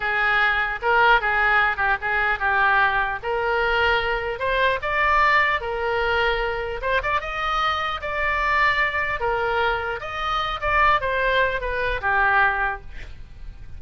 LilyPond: \new Staff \with { instrumentName = "oboe" } { \time 4/4 \tempo 4 = 150 gis'2 ais'4 gis'4~ | gis'8 g'8 gis'4 g'2 | ais'2. c''4 | d''2 ais'2~ |
ais'4 c''8 d''8 dis''2 | d''2. ais'4~ | ais'4 dis''4. d''4 c''8~ | c''4 b'4 g'2 | }